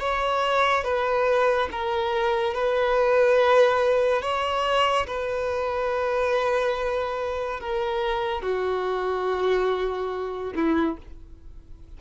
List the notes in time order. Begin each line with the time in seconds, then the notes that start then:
0.00 C#5
0.85 B4
1.72 A#4
2.54 B4
4.22 C#5
5.07 B4
7.61 A#4
8.42 F#4
10.56 E4